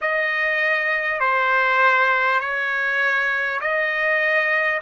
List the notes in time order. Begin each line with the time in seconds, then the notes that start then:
0.01 D#5
1.20 C5
2.39 C#5
3.61 D#5